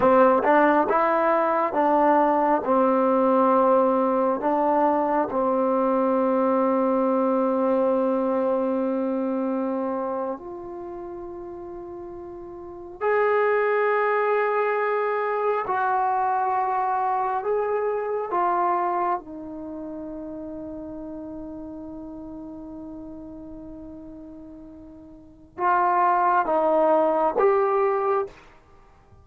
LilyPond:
\new Staff \with { instrumentName = "trombone" } { \time 4/4 \tempo 4 = 68 c'8 d'8 e'4 d'4 c'4~ | c'4 d'4 c'2~ | c'2.~ c'8. f'16~ | f'2~ f'8. gis'4~ gis'16~ |
gis'4.~ gis'16 fis'2 gis'16~ | gis'8. f'4 dis'2~ dis'16~ | dis'1~ | dis'4 f'4 dis'4 g'4 | }